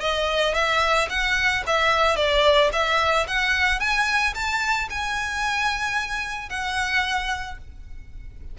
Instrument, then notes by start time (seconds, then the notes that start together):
violin
0.00 D#5
0.54 E5
1.09 F#5
1.66 E5
2.16 D5
2.72 E5
3.27 F#5
3.80 G#5
4.34 A5
4.89 G#5
6.49 F#5